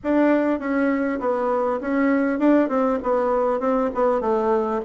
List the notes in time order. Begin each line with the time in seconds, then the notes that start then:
0.03 D4
0.59 C#4
1.20 B3
1.81 C#4
2.39 D4
2.68 C4
3.02 B3
3.59 C4
3.94 B3
4.21 A3